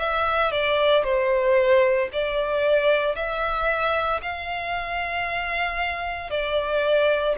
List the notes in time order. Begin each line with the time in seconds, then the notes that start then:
0.00 E5
0.52 D5
1.04 C5
2.13 D5
3.16 E5
4.23 F5
6.31 D5